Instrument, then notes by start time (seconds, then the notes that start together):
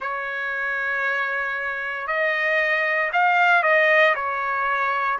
trumpet
0.00 C#5
2.07 D#5
3.13 F5
3.63 D#5
4.15 C#5